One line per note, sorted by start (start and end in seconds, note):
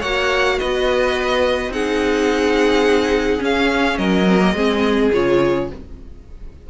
0.00 0.60 A#3
0.00 1.71 F#4
0.00 0.57 C#5
0.00 0.59 F#5
0.59 1.69 B3
0.59 1.73 B4
0.59 1.72 D#5
1.69 3.39 C4
1.69 3.39 D#4
1.69 3.99 G#4
1.69 3.43 F#5
3.39 4.24 C#4
3.39 3.98 C#4
3.39 3.98 F5
3.98 4.54 F#3
3.98 4.56 A#4
3.98 5.11 D#5
4.27 4.39 C4
4.39 4.54 A#3
4.54 5.10 G#3
4.54 5.12 C4
4.54 5.70 G#4
5.14 5.71 C#3
5.14 5.70 F4
5.14 5.70 C#5